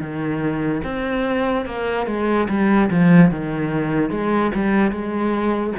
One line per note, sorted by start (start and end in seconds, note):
0.00 0.82 D#3
0.83 1.66 C4
1.66 2.06 A#3
2.06 2.47 G#3
2.49 2.90 G3
2.90 3.31 F3
3.31 4.10 D#3
4.10 4.51 G#3
4.55 4.91 G3
4.91 5.73 G#3